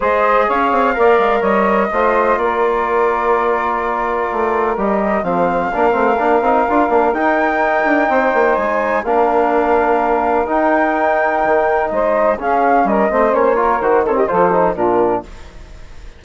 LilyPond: <<
  \new Staff \with { instrumentName = "flute" } { \time 4/4 \tempo 4 = 126 dis''4 f''2 dis''4~ | dis''4 d''2.~ | d''2 dis''4 f''4~ | f''2. g''4~ |
g''2 gis''4 f''4~ | f''2 g''2~ | g''4 dis''4 f''4 dis''4 | cis''4 c''8 cis''16 dis''16 c''4 ais'4 | }
  \new Staff \with { instrumentName = "saxophone" } { \time 4/4 c''4 cis''4 d''4 cis''4 | c''4 ais'2.~ | ais'2. a'4 | ais'1~ |
ais'4 c''2 ais'4~ | ais'1~ | ais'4 c''4 gis'4 ais'8 c''8~ | c''8 ais'4 a'16 g'16 a'4 f'4 | }
  \new Staff \with { instrumentName = "trombone" } { \time 4/4 gis'2 ais'2 | f'1~ | f'2 g'4 c'4 | d'8 c'8 d'8 dis'8 f'8 d'8 dis'4~ |
dis'2. d'4~ | d'2 dis'2~ | dis'2 cis'4. c'8 | cis'8 f'8 fis'8 c'8 f'8 dis'8 d'4 | }
  \new Staff \with { instrumentName = "bassoon" } { \time 4/4 gis4 cis'8 c'8 ais8 gis8 g4 | a4 ais2.~ | ais4 a4 g4 f4 | ais8 a8 ais8 c'8 d'8 ais8 dis'4~ |
dis'8 d'8 c'8 ais8 gis4 ais4~ | ais2 dis'2 | dis4 gis4 cis'4 g8 a8 | ais4 dis4 f4 ais,4 | }
>>